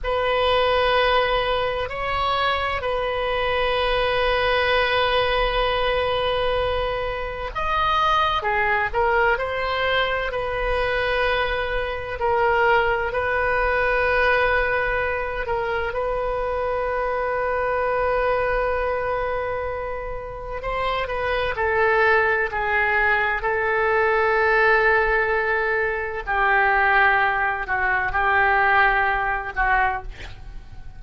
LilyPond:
\new Staff \with { instrumentName = "oboe" } { \time 4/4 \tempo 4 = 64 b'2 cis''4 b'4~ | b'1 | dis''4 gis'8 ais'8 c''4 b'4~ | b'4 ais'4 b'2~ |
b'8 ais'8 b'2.~ | b'2 c''8 b'8 a'4 | gis'4 a'2. | g'4. fis'8 g'4. fis'8 | }